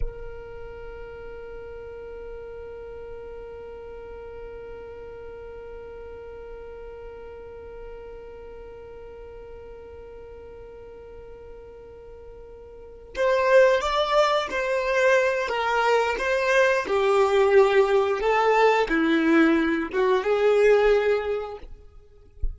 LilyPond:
\new Staff \with { instrumentName = "violin" } { \time 4/4 \tempo 4 = 89 ais'1~ | ais'1~ | ais'1~ | ais'1~ |
ais'2.~ ais'8 c''8~ | c''8 d''4 c''4. ais'4 | c''4 g'2 a'4 | e'4. fis'8 gis'2 | }